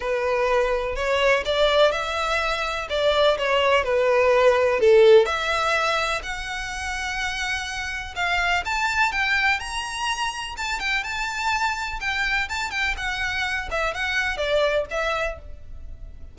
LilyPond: \new Staff \with { instrumentName = "violin" } { \time 4/4 \tempo 4 = 125 b'2 cis''4 d''4 | e''2 d''4 cis''4 | b'2 a'4 e''4~ | e''4 fis''2.~ |
fis''4 f''4 a''4 g''4 | ais''2 a''8 g''8 a''4~ | a''4 g''4 a''8 g''8 fis''4~ | fis''8 e''8 fis''4 d''4 e''4 | }